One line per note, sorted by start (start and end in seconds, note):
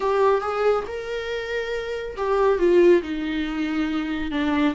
0.00 0.40 G4
0.40 0.83 G#4
0.87 2.16 A#4
2.16 2.59 G4
2.59 3.02 F4
3.02 4.31 D#4
4.31 4.74 D4